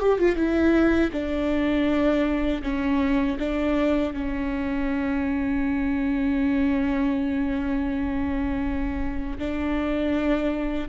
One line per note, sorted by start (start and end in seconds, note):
0.00 0.19 G4
0.19 0.36 F4
0.36 1.11 E4
1.12 2.62 D4
2.63 3.38 C#4
3.39 4.14 D4
4.14 9.39 C#4
9.39 10.89 D4